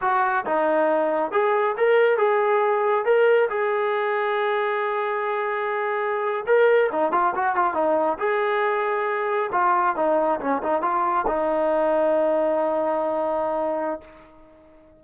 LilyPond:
\new Staff \with { instrumentName = "trombone" } { \time 4/4 \tempo 4 = 137 fis'4 dis'2 gis'4 | ais'4 gis'2 ais'4 | gis'1~ | gis'2~ gis'8. ais'4 dis'16~ |
dis'16 f'8 fis'8 f'8 dis'4 gis'4~ gis'16~ | gis'4.~ gis'16 f'4 dis'4 cis'16~ | cis'16 dis'8 f'4 dis'2~ dis'16~ | dis'1 | }